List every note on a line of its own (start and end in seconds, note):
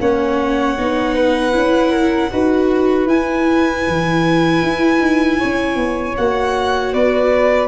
0.00 0.77 A#3
0.00 0.77 C#4
0.00 1.15 C#5
0.00 3.08 F#5
0.78 1.54 B3
0.78 1.52 D#4
1.15 1.91 B4
1.52 2.31 C#4
1.52 2.29 E4
1.91 2.30 A#4
2.31 3.05 D#4
2.31 3.08 F#4
2.31 5.39 B4
3.05 3.82 E4
3.05 6.16 E4
3.05 6.15 G#5
3.87 4.62 E3
4.62 4.99 E4
4.99 5.37 D#4
5.39 5.75 C#4
5.39 6.93 C#5
5.75 6.14 B3
6.17 6.94 A#3
6.17 7.68 F#4
6.17 6.94 F#5
6.93 7.68 B3
6.93 7.68 B4
6.93 7.68 D5